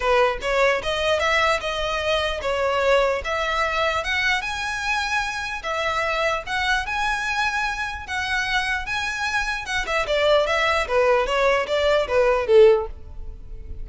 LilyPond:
\new Staff \with { instrumentName = "violin" } { \time 4/4 \tempo 4 = 149 b'4 cis''4 dis''4 e''4 | dis''2 cis''2 | e''2 fis''4 gis''4~ | gis''2 e''2 |
fis''4 gis''2. | fis''2 gis''2 | fis''8 e''8 d''4 e''4 b'4 | cis''4 d''4 b'4 a'4 | }